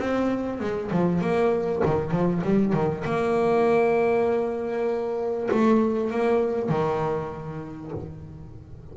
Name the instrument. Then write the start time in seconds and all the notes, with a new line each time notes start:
double bass
0.00 C4
0.61 G#3
0.92 F3
1.22 A#3
1.86 D#3
2.12 F3
2.44 G3
2.74 D#3
3.05 A#3
5.52 A3
6.11 A#3
6.70 D#3